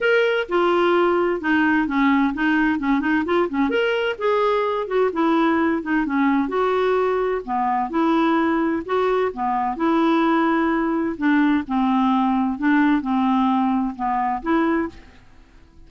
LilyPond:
\new Staff \with { instrumentName = "clarinet" } { \time 4/4 \tempo 4 = 129 ais'4 f'2 dis'4 | cis'4 dis'4 cis'8 dis'8 f'8 cis'8 | ais'4 gis'4. fis'8 e'4~ | e'8 dis'8 cis'4 fis'2 |
b4 e'2 fis'4 | b4 e'2. | d'4 c'2 d'4 | c'2 b4 e'4 | }